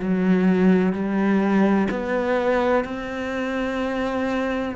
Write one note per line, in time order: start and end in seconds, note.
0.00 0.93 F#3
0.93 1.88 G3
1.90 2.84 B3
2.84 4.75 C4